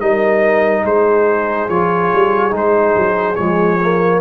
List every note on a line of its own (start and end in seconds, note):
0.00 0.84 G3
0.00 1.69 D#4
0.00 0.83 A#4
0.00 0.85 D#5
0.83 1.68 G#3
0.83 4.21 G#4
0.83 1.69 C5
1.69 2.12 F3
1.69 2.51 F4
1.69 2.54 C#5
2.14 2.53 G3
2.51 2.95 G#3
2.51 3.35 D#4
2.57 3.35 C5
2.96 3.38 F#3
3.35 4.21 F3
3.35 3.78 G#3
3.35 4.20 C#5
3.82 4.21 A#3